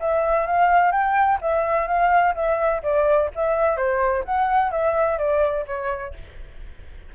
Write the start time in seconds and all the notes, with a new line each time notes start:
0.00 E5
0.46 F5
0.92 G5
1.41 E5
1.87 F5
2.35 E5
2.83 D5
3.35 E5
3.77 C5
4.25 F#5
4.71 E5
5.18 D5
5.67 C#5